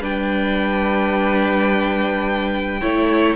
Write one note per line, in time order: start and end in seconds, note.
0.00 2.81 G3
0.00 2.81 D4
0.00 2.80 B4
0.00 3.35 G5
2.81 3.35 A3
2.81 3.35 E4
2.81 3.35 C#5